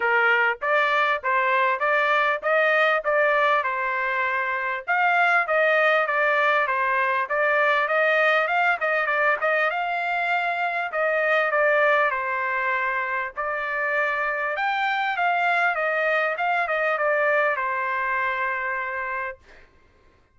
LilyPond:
\new Staff \with { instrumentName = "trumpet" } { \time 4/4 \tempo 4 = 99 ais'4 d''4 c''4 d''4 | dis''4 d''4 c''2 | f''4 dis''4 d''4 c''4 | d''4 dis''4 f''8 dis''8 d''8 dis''8 |
f''2 dis''4 d''4 | c''2 d''2 | g''4 f''4 dis''4 f''8 dis''8 | d''4 c''2. | }